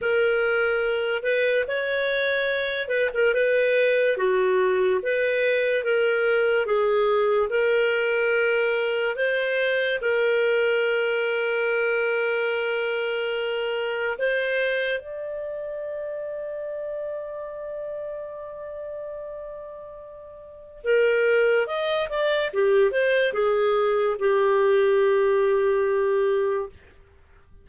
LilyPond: \new Staff \with { instrumentName = "clarinet" } { \time 4/4 \tempo 4 = 72 ais'4. b'8 cis''4. b'16 ais'16 | b'4 fis'4 b'4 ais'4 | gis'4 ais'2 c''4 | ais'1~ |
ais'4 c''4 d''2~ | d''1~ | d''4 ais'4 dis''8 d''8 g'8 c''8 | gis'4 g'2. | }